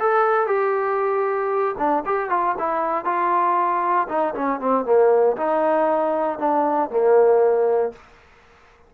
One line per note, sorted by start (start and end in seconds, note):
0.00 0.47 A4
0.47 1.76 G4
1.79 2.04 D4
2.06 2.30 G4
2.30 2.55 F4
2.59 3.05 E4
3.05 4.08 F4
4.09 4.34 D#4
4.35 4.60 C#4
4.60 4.86 C4
4.86 5.37 A#3
5.37 6.39 D#4
6.39 6.90 D4
6.90 7.93 A#3